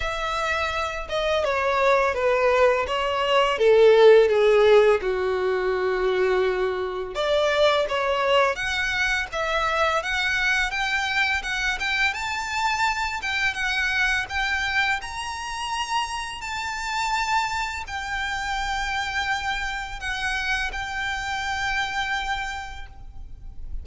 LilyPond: \new Staff \with { instrumentName = "violin" } { \time 4/4 \tempo 4 = 84 e''4. dis''8 cis''4 b'4 | cis''4 a'4 gis'4 fis'4~ | fis'2 d''4 cis''4 | fis''4 e''4 fis''4 g''4 |
fis''8 g''8 a''4. g''8 fis''4 | g''4 ais''2 a''4~ | a''4 g''2. | fis''4 g''2. | }